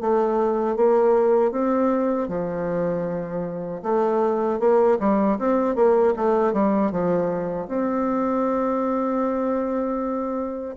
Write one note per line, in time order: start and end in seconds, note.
0.00 0.76 A3
0.76 1.51 A#3
1.51 2.28 C4
2.28 3.82 F3
3.82 4.59 A3
4.59 4.98 A#3
4.99 5.38 G3
5.38 5.75 C4
5.75 6.14 A#3
6.16 6.53 A3
6.53 6.91 G3
6.91 7.67 F3
7.67 10.75 C4